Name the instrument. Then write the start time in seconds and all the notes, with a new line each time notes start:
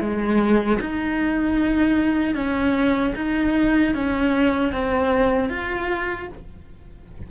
cello
0.00 G#3
0.80 D#4
2.35 C#4
3.16 D#4
3.94 C#4
4.73 C4
5.49 F4